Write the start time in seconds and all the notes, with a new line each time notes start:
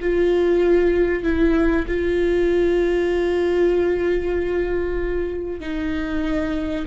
0.00 F4
1.23 E4
1.87 F4
5.60 D#4